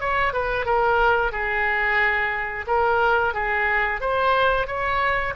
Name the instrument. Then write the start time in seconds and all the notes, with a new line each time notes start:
oboe
0.00 C#5
0.33 B4
0.65 A#4
1.32 G#4
2.67 A#4
3.34 G#4
4.00 C5
4.67 C#5